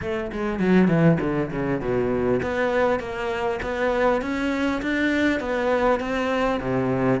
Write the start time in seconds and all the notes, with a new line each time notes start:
0.01 A3
0.32 G#3
0.59 F#3
0.88 E3
1.20 D3
1.51 C#3
1.80 B2
2.42 B3
2.99 A#3
3.62 B3
4.21 C#4
4.82 D4
5.40 B3
6.00 C4
6.60 C3